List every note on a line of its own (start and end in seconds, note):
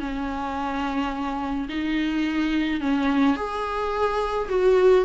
0.00 1.68 C#4
1.69 2.81 D#4
2.81 3.36 C#4
3.36 4.49 G#4
4.49 5.05 F#4